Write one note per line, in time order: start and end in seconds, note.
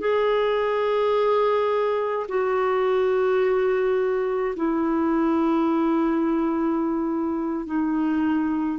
0.00 2.26 G#4
2.28 4.55 F#4
4.56 7.66 E4
7.66 8.79 D#4